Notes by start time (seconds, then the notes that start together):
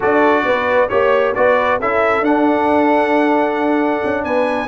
0.00 D4 F#4 A4 D5
0.45 B3 B4
0.89 A#3 G4 C#5
1.34 B3 F#4 B4 D5
1.79 C#4 E4 A4 E5
2.20 D4 F#5
4.04 C#4
4.24 B3 B4 G#5